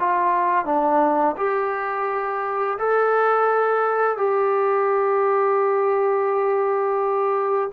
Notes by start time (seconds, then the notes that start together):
0.00 F4
0.65 D4
1.37 G4
2.79 A4
4.17 G4